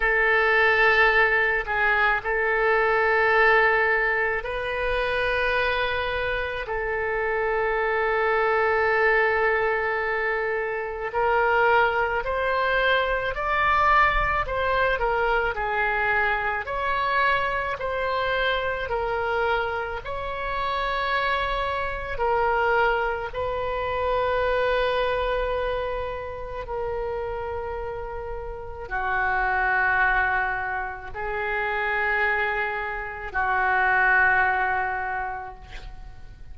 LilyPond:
\new Staff \with { instrumentName = "oboe" } { \time 4/4 \tempo 4 = 54 a'4. gis'8 a'2 | b'2 a'2~ | a'2 ais'4 c''4 | d''4 c''8 ais'8 gis'4 cis''4 |
c''4 ais'4 cis''2 | ais'4 b'2. | ais'2 fis'2 | gis'2 fis'2 | }